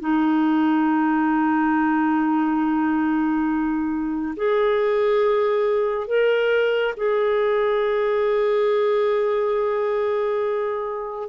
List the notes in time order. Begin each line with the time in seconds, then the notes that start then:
0.00 D#4
4.36 G#4
6.07 A#4
6.96 G#4